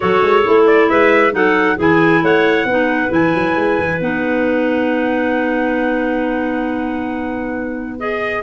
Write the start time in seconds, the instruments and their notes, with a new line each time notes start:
0.00 tuba F#3, clarinet F#4 A4, trumpet C#5
0.22 tuba G#3
0.44 tuba A3, clarinet E4
0.66 trumpet D5
0.89 tuba G#3, clarinet B4, trumpet E5
1.31 tuba F#3, clarinet D#4 A4, trumpet F#5
1.76 tuba E3, clarinet E4 G#4, trumpet G#5
2.22 tuba A3, clarinet C#5, trumpet F#5
2.64 tuba B3, clarinet D#4 B4
3.09 tuba E3, clarinet E4, trumpet G#5
3.34 tuba F#3
3.55 tuba G#3
3.79 tuba E3
4.00 tuba B3, clarinet D#4, trumpet F#5
7.99 clarinet G#4, trumpet D#5